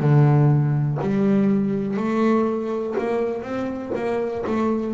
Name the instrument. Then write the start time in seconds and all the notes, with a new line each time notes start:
double bass
0.00 D3
1.01 G3
1.97 A3
2.99 A#3
3.43 C4
3.96 A#3
4.47 A3